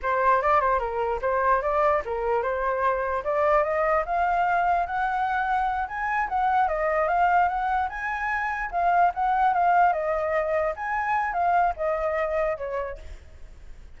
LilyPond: \new Staff \with { instrumentName = "flute" } { \time 4/4 \tempo 4 = 148 c''4 d''8 c''8 ais'4 c''4 | d''4 ais'4 c''2 | d''4 dis''4 f''2 | fis''2~ fis''8 gis''4 fis''8~ |
fis''8 dis''4 f''4 fis''4 gis''8~ | gis''4. f''4 fis''4 f''8~ | f''8 dis''2 gis''4. | f''4 dis''2 cis''4 | }